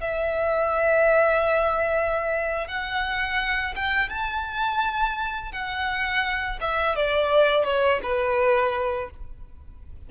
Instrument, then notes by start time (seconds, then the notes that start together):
violin
0.00 E5
2.67 F#5
3.75 G5
4.09 A5
5.52 F#5
6.60 E5
6.95 D5
7.64 C#5
8.03 B4